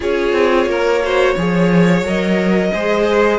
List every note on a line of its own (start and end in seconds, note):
0.00 0.32 C#4
0.00 1.01 F4
0.00 0.68 G#4
0.00 2.06 C#5
0.32 0.66 C4
0.66 1.34 A#3
0.66 1.02 A#4
1.03 1.37 F#4
1.03 1.34 C5
1.34 2.03 F3
1.34 2.05 G#4
1.34 2.70 C#5
2.03 2.71 F#3
2.03 2.72 A#4
2.03 3.39 D#5
2.72 3.39 G#3
2.72 3.39 G#4
2.72 3.39 C5